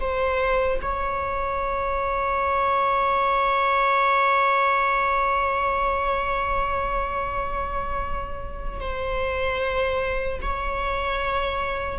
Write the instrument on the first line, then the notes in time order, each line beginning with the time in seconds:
viola
0.00 C5
0.82 C#5
8.80 C5
10.42 C#5